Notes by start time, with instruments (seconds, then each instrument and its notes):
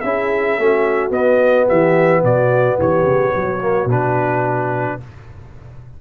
0.00 tuba C#4, trombone E4, horn G#4, trumpet E5
0.58 tuba A3, trombone C#4, horn F#4
1.10 tuba B3, trombone B3, trumpet D#5
1.66 tuba E3, horn G4, trumpet E5
2.23 tuba B2, horn F#4, trumpet D5
2.79 tuba E3, horn G4, trumpet C#5
3.04 tuba C#3
3.34 tuba F#3, horn F#4
3.61 trombone A#3
3.85 tuba B2, trombone D4, trumpet B4